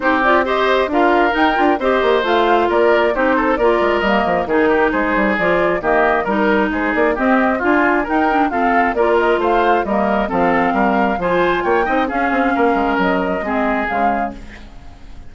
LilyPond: <<
  \new Staff \with { instrumentName = "flute" } { \time 4/4 \tempo 4 = 134 c''8 d''8 dis''4 f''4 g''4 | dis''4 f''4 d''4 c''4 | d''4 dis''4 ais'4 c''4 | d''4 dis''4 ais'4 c''8 d''8 |
dis''4 gis''4 g''4 f''4 | d''8 dis''8 f''4 dis''4 f''4~ | f''4 gis''4 g''4 f''4~ | f''4 dis''2 f''4 | }
  \new Staff \with { instrumentName = "oboe" } { \time 4/4 g'4 c''4 ais'2 | c''2 ais'4 g'8 a'8 | ais'2 gis'8 g'8 gis'4~ | gis'4 g'4 ais'4 gis'4 |
g'4 f'4 ais'4 a'4 | ais'4 c''4 ais'4 a'4 | ais'4 c''4 cis''8 dis''8 gis'4 | ais'2 gis'2 | }
  \new Staff \with { instrumentName = "clarinet" } { \time 4/4 dis'8 f'8 g'4 f'4 dis'8 f'8 | g'4 f'2 dis'4 | f'4 ais4 dis'2 | f'4 ais4 dis'2 |
c'4 f'4 dis'8 d'8 c'4 | f'2 ais4 c'4~ | c'4 f'4. dis'8 cis'4~ | cis'2 c'4 gis4 | }
  \new Staff \with { instrumentName = "bassoon" } { \time 4/4 c'2 d'4 dis'8 d'8 | c'8 ais8 a4 ais4 c'4 | ais8 gis8 g8 f8 dis4 gis8 g8 | f4 dis4 g4 gis8 ais8 |
c'4 d'4 dis'4 f'4 | ais4 a4 g4 f4 | g4 f4 ais8 c'8 cis'8 c'8 | ais8 gis8 fis4 gis4 cis4 | }
>>